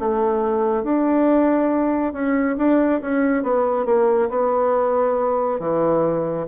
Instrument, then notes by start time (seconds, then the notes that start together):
bassoon
0.00 A3
0.84 D4
2.13 C#4
2.58 D4
3.02 C#4
3.43 B3
3.86 A#3
4.30 B3
5.60 E3